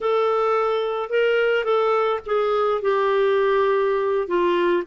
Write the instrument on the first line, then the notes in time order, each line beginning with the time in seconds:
clarinet
0.01 A4
1.09 A#4
1.64 A4
2.26 G#4
2.81 G4
4.27 F4